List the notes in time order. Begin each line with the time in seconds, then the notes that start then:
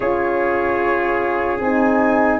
0.00 C#4 F4 G#4 C#5
1.60 C4 D#4 G#5